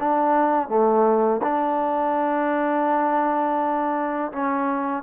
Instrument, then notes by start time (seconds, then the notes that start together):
trombone
0.00 D4
0.69 A3
1.43 D4
4.32 C#4